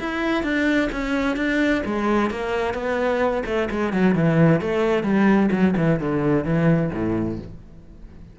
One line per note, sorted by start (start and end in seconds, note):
0.00 0.44 E4
0.44 0.90 D4
0.93 1.37 C#4
1.37 1.83 D4
1.86 2.31 G#3
2.31 2.74 A#3
2.74 3.44 B3
3.46 3.69 A3
3.71 3.94 G#3
3.94 4.15 F#3
4.15 4.61 E3
4.61 5.04 A3
5.04 5.50 G3
5.52 5.75 F#3
5.77 6.00 E3
6.00 6.45 D3
6.45 6.91 E3
6.93 7.40 A2